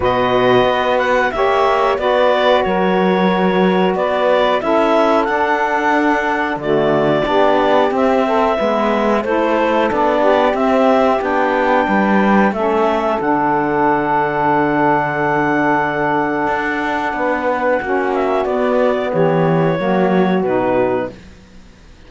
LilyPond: <<
  \new Staff \with { instrumentName = "clarinet" } { \time 4/4 \tempo 4 = 91 dis''4. fis''8 e''4 d''4 | cis''2 d''4 e''4 | fis''2 d''2 | e''2 c''4 d''4 |
e''4 g''2 e''4 | fis''1~ | fis''2.~ fis''8 e''8 | d''4 cis''2 b'4 | }
  \new Staff \with { instrumentName = "saxophone" } { \time 4/4 b'2 cis''4 b'4 | ais'2 b'4 a'4~ | a'2 fis'4 g'4~ | g'8 a'8 b'4 a'4. g'8~ |
g'2 b'4 a'4~ | a'1~ | a'2 b'4 fis'4~ | fis'4 g'4 fis'2 | }
  \new Staff \with { instrumentName = "saxophone" } { \time 4/4 fis'2 g'4 fis'4~ | fis'2. e'4 | d'2 a4 d'4 | c'4 b4 e'4 d'4 |
c'4 d'2 cis'4 | d'1~ | d'2. cis'4 | b2 ais4 dis'4 | }
  \new Staff \with { instrumentName = "cello" } { \time 4/4 b,4 b4 ais4 b4 | fis2 b4 cis'4 | d'2 d4 b4 | c'4 gis4 a4 b4 |
c'4 b4 g4 a4 | d1~ | d4 d'4 b4 ais4 | b4 e4 fis4 b,4 | }
>>